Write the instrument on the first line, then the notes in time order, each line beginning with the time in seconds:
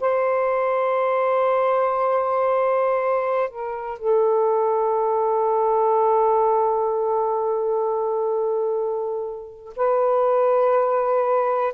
saxophone
0.00 C5
3.50 A#4
3.98 A4
9.76 B4